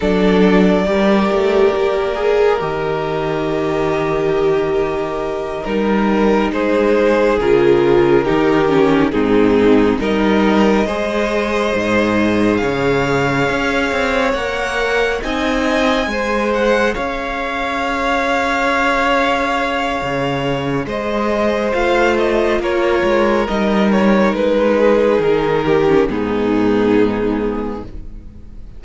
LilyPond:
<<
  \new Staff \with { instrumentName = "violin" } { \time 4/4 \tempo 4 = 69 d''2. dis''4~ | dis''2~ dis''8 ais'4 c''8~ | c''8 ais'2 gis'4 dis''8~ | dis''2~ dis''8 f''4.~ |
f''8 fis''4 gis''4. fis''8 f''8~ | f''1 | dis''4 f''8 dis''8 cis''4 dis''8 cis''8 | b'4 ais'4 gis'2 | }
  \new Staff \with { instrumentName = "violin" } { \time 4/4 a'4 ais'2.~ | ais'2.~ ais'8 gis'8~ | gis'4. g'4 dis'4 ais'8~ | ais'8 c''2 cis''4.~ |
cis''4. dis''4 c''4 cis''8~ | cis''1 | c''2 ais'2~ | ais'8 gis'4 g'8 dis'2 | }
  \new Staff \with { instrumentName = "viola" } { \time 4/4 d'4 g'4. gis'8 g'4~ | g'2~ g'8 dis'4.~ | dis'8 f'4 dis'8 cis'8 c'4 dis'8~ | dis'8 gis'2.~ gis'8~ |
gis'8 ais'4 dis'4 gis'4.~ | gis'1~ | gis'4 f'2 dis'4~ | dis'4.~ dis'16 cis'16 b2 | }
  \new Staff \with { instrumentName = "cello" } { \time 4/4 fis4 g8 a8 ais4 dis4~ | dis2~ dis8 g4 gis8~ | gis8 cis4 dis4 gis,4 g8~ | g8 gis4 gis,4 cis4 cis'8 |
c'8 ais4 c'4 gis4 cis'8~ | cis'2. cis4 | gis4 a4 ais8 gis8 g4 | gis4 dis4 gis,2 | }
>>